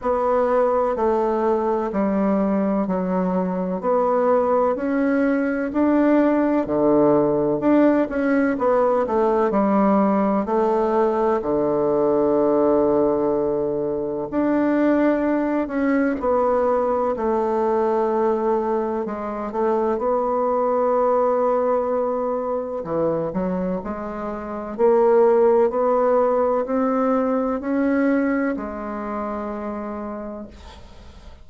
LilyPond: \new Staff \with { instrumentName = "bassoon" } { \time 4/4 \tempo 4 = 63 b4 a4 g4 fis4 | b4 cis'4 d'4 d4 | d'8 cis'8 b8 a8 g4 a4 | d2. d'4~ |
d'8 cis'8 b4 a2 | gis8 a8 b2. | e8 fis8 gis4 ais4 b4 | c'4 cis'4 gis2 | }